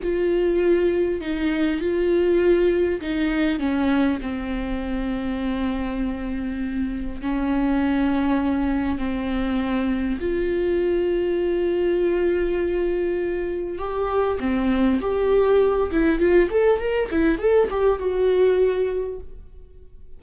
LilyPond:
\new Staff \with { instrumentName = "viola" } { \time 4/4 \tempo 4 = 100 f'2 dis'4 f'4~ | f'4 dis'4 cis'4 c'4~ | c'1 | cis'2. c'4~ |
c'4 f'2.~ | f'2. g'4 | c'4 g'4. e'8 f'8 a'8 | ais'8 e'8 a'8 g'8 fis'2 | }